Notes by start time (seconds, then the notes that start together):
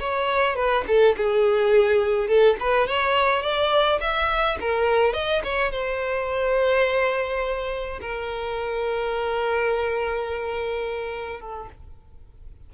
0.00 C#5
0.56 B4
0.87 A4
1.17 G#4
2.28 A4
2.60 B4
2.88 C#5
3.42 D5
4.01 E5
4.61 A#4
5.13 D#5
5.44 C#5
5.71 C5
8.01 A#4
11.41 A4